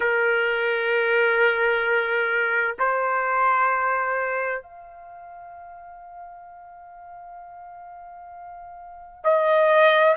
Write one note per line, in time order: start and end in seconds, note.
0.00 2.76 A#4
2.79 4.62 C5
4.62 9.23 F5
9.23 10.15 D#5